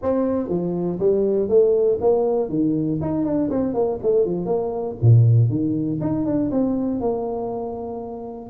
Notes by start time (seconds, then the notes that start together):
0.02 C4
0.48 F3
0.99 G3
1.48 A3
2.00 A#3
2.49 D#3
3.01 D#4
3.25 D4
3.50 C4
3.74 A#3
4.02 A3
4.25 F3
4.45 A#3
5.01 A#2
5.49 D#3
6.00 D#4
6.25 D4
6.51 C4
7.00 A#3